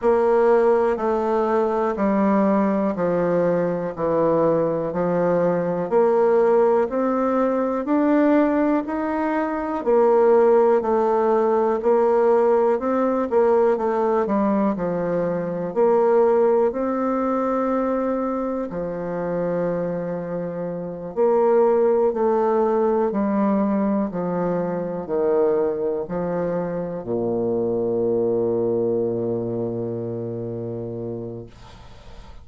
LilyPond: \new Staff \with { instrumentName = "bassoon" } { \time 4/4 \tempo 4 = 61 ais4 a4 g4 f4 | e4 f4 ais4 c'4 | d'4 dis'4 ais4 a4 | ais4 c'8 ais8 a8 g8 f4 |
ais4 c'2 f4~ | f4. ais4 a4 g8~ | g8 f4 dis4 f4 ais,8~ | ais,1 | }